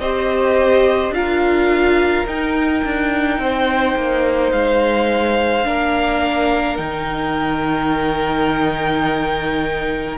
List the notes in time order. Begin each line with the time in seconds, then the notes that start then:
0.00 C4 G4 C5 D#5
1.11 D4 F4 F5
1.17 A#4
2.27 D#4 G5
2.85 D4
3.39 C4 C5
3.96 A#3
4.52 G#3 F5
5.65 A#3 D4 A#4
6.77 D#3 D#4 G5